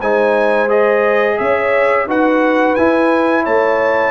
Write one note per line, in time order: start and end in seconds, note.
0.00 1.38 G#3
0.00 0.68 D#4
0.00 1.38 C5
0.00 0.70 G#5
0.68 2.06 G#4
0.68 1.38 D#5
1.38 2.07 C#4
1.38 2.07 C#5
1.38 2.07 E5
2.07 2.76 D#4
2.07 2.77 F#4
2.07 3.44 B4
2.07 2.75 F#5
2.75 4.11 E4
2.75 3.46 E4
2.75 3.44 G#5
3.44 4.11 A3
3.44 4.11 C#5
3.44 4.11 A5